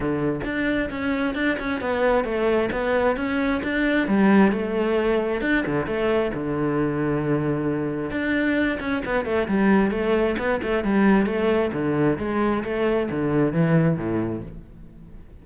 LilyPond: \new Staff \with { instrumentName = "cello" } { \time 4/4 \tempo 4 = 133 d4 d'4 cis'4 d'8 cis'8 | b4 a4 b4 cis'4 | d'4 g4 a2 | d'8 d8 a4 d2~ |
d2 d'4. cis'8 | b8 a8 g4 a4 b8 a8 | g4 a4 d4 gis4 | a4 d4 e4 a,4 | }